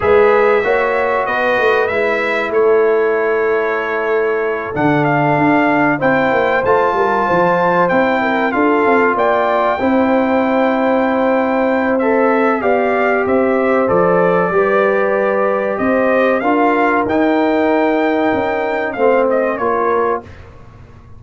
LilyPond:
<<
  \new Staff \with { instrumentName = "trumpet" } { \time 4/4 \tempo 4 = 95 e''2 dis''4 e''4 | cis''2.~ cis''8 fis''8 | f''4. g''4 a''4.~ | a''8 g''4 f''4 g''4.~ |
g''2. e''4 | f''4 e''4 d''2~ | d''4 dis''4 f''4 g''4~ | g''2 f''8 dis''8 cis''4 | }
  \new Staff \with { instrumentName = "horn" } { \time 4/4 b'4 cis''4 b'2 | a'1~ | a'4. c''4. ais'8 c''8~ | c''4 ais'8 a'4 d''4 c''8~ |
c''1 | d''4 c''2 b'4~ | b'4 c''4 ais'2~ | ais'2 c''4 ais'4 | }
  \new Staff \with { instrumentName = "trombone" } { \time 4/4 gis'4 fis'2 e'4~ | e'2.~ e'8 d'8~ | d'4. e'4 f'4.~ | f'8 e'4 f'2 e'8~ |
e'2. a'4 | g'2 a'4 g'4~ | g'2 f'4 dis'4~ | dis'2 c'4 f'4 | }
  \new Staff \with { instrumentName = "tuba" } { \time 4/4 gis4 ais4 b8 a8 gis4 | a2.~ a8 d8~ | d8 d'4 c'8 ais8 a8 g8 f8~ | f8 c'4 d'8 c'8 ais4 c'8~ |
c'1 | b4 c'4 f4 g4~ | g4 c'4 d'4 dis'4~ | dis'4 cis'4 a4 ais4 | }
>>